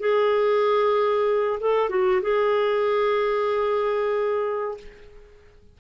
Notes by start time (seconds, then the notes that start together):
0.00 G#4
1.60 A4
1.89 F#4
2.22 G#4